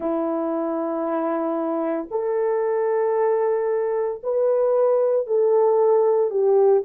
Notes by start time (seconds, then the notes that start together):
0.00 E4
2.11 A4
4.23 B4
5.26 A4
6.30 G4